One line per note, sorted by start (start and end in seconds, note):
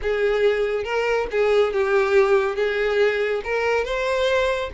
0.02 0.84 G#4
0.84 1.27 A#4
1.31 1.73 G#4
1.73 2.55 G4
2.55 3.41 G#4
3.44 3.84 A#4
3.84 4.70 C5